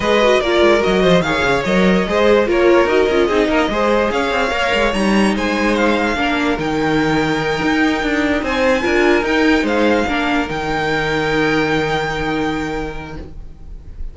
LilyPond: <<
  \new Staff \with { instrumentName = "violin" } { \time 4/4 \tempo 4 = 146 dis''4 d''4 dis''4 f''4 | dis''2 cis''4 dis''4~ | dis''2 f''2 | ais''4 gis''4 f''2 |
g''1~ | g''8 gis''2 g''4 f''8~ | f''4. g''2~ g''8~ | g''1 | }
  \new Staff \with { instrumentName = "violin" } { \time 4/4 b'4 ais'4. c''8 cis''4~ | cis''4 c''4 ais'2 | gis'8 ais'8 c''4 cis''2~ | cis''4 c''2 ais'4~ |
ais'1~ | ais'8 c''4 ais'2 c''8~ | c''8 ais'2.~ ais'8~ | ais'1 | }
  \new Staff \with { instrumentName = "viola" } { \time 4/4 gis'8 fis'8 f'4 fis'4 gis'4 | ais'4 gis'4 f'4 fis'8 f'8 | dis'4 gis'2 ais'4 | dis'2. d'4 |
dis'1~ | dis'4. f'4 dis'4.~ | dis'8 d'4 dis'2~ dis'8~ | dis'1 | }
  \new Staff \with { instrumentName = "cello" } { \time 4/4 gis4 ais8 gis8 fis8 f8 dis8 cis8 | fis4 gis4 ais4 dis'8 cis'8 | c'8 ais8 gis4 cis'8 c'8 ais8 gis8 | g4 gis2 ais4 |
dis2~ dis8 dis'4 d'8~ | d'8 c'4 d'4 dis'4 gis8~ | gis8 ais4 dis2~ dis8~ | dis1 | }
>>